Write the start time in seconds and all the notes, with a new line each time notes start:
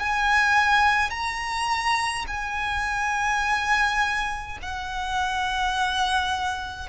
0.00 G#5
1.11 A#5
2.28 G#5
4.63 F#5